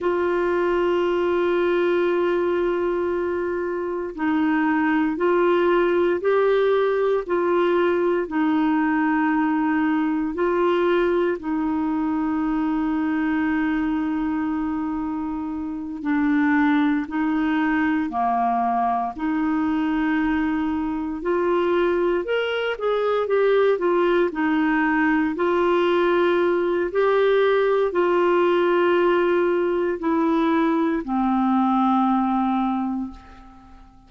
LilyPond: \new Staff \with { instrumentName = "clarinet" } { \time 4/4 \tempo 4 = 58 f'1 | dis'4 f'4 g'4 f'4 | dis'2 f'4 dis'4~ | dis'2.~ dis'8 d'8~ |
d'8 dis'4 ais4 dis'4.~ | dis'8 f'4 ais'8 gis'8 g'8 f'8 dis'8~ | dis'8 f'4. g'4 f'4~ | f'4 e'4 c'2 | }